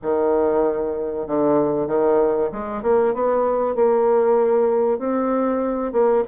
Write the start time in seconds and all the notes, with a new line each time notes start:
0.02 D#3
1.27 D3
1.87 D#3
2.52 G#3
2.82 A#3
3.14 B3
3.75 A#3
4.98 C4
5.92 A#3